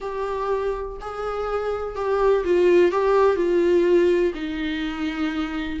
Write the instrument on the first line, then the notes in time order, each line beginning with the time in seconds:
viola
0.00 G4
1.00 G#4
1.95 G4
2.44 F4
2.91 G4
3.36 F4
4.34 D#4